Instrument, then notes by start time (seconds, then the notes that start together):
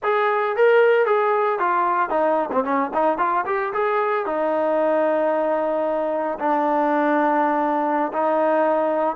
trombone
0.03 G#4
0.56 A#4
1.06 G#4
1.59 F4
2.09 D#4
2.51 C4
2.64 C#4
2.93 D#4
3.18 F4
3.46 G4
3.73 G#4
4.26 D#4
6.39 D4
8.12 D#4